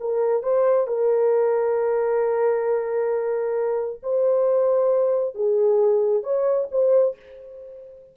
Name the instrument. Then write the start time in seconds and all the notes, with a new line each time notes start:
horn
0.00 A#4
0.43 C5
0.87 A#4
4.03 C5
5.35 G#4
6.23 C#5
6.71 C5